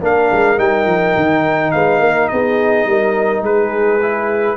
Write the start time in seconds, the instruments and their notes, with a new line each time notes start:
0.00 tuba A#3, trombone D4, horn A#4, trumpet F5
0.32 tuba G#3
0.57 tuba G3, trombone D#4, trumpet G5
0.86 tuba F3
1.16 tuba D#3
1.71 tuba G#3, horn B4, trumpet F5
1.99 tuba A#3, horn A#4
2.28 tuba B3, horn G#4, trumpet D#5
2.85 tuba G3, horn A#4
3.41 tuba G#3, horn G#4, trumpet B4
4.02 trombone E4